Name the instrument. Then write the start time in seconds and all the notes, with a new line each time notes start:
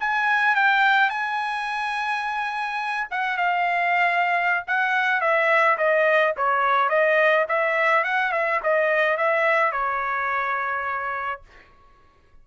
trumpet
0.00 G#5
0.55 G5
1.09 G#5
3.11 F#5
3.37 F5
4.67 F#5
5.21 E5
5.78 D#5
6.37 C#5
6.89 D#5
7.48 E5
8.04 F#5
8.32 E5
8.63 D#5
9.17 E5
9.72 C#5